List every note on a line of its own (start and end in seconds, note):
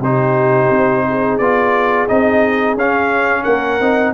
0.00 0.69 C3
0.00 1.42 D#4
0.00 1.04 G4
0.00 1.38 C5
0.71 1.39 C4
1.08 3.44 G#4
1.38 2.08 B3
1.38 2.08 F4
1.38 2.07 D5
2.08 2.75 C4
2.08 2.77 D#4
2.08 2.77 D#5
2.75 3.44 C#4
2.75 3.81 C#4
2.75 3.44 F5
3.44 3.80 A#3
3.44 4.12 A#4
3.44 4.13 F#5
3.80 4.14 C4
3.80 4.14 D#4